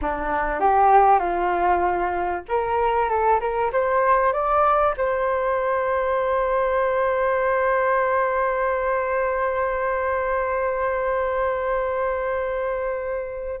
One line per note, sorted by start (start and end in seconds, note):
0.01 0.60 D4
0.60 1.19 G4
1.19 2.43 F4
2.48 3.09 A#4
3.09 3.40 A4
3.40 3.71 A#4
3.72 4.32 C5
4.32 4.94 D5
4.97 13.60 C5